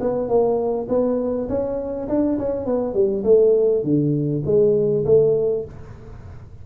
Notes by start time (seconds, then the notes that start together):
0.00 B3
0.28 A#3
0.88 B3
1.49 C#4
2.08 D4
2.38 C#4
2.65 B3
2.94 G3
3.24 A3
3.83 D3
4.45 G#3
5.05 A3